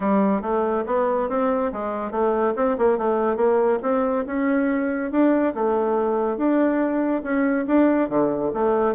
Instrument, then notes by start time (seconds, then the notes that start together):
bassoon
0.00 G3
0.41 A3
0.86 B3
1.29 C4
1.72 G#3
2.11 A3
2.55 C4
2.78 A#3
2.98 A3
3.36 A#3
3.82 C4
4.26 C#4
5.11 D4
5.54 A3
6.37 D4
7.23 C#4
7.67 D4
8.09 D3
8.53 A3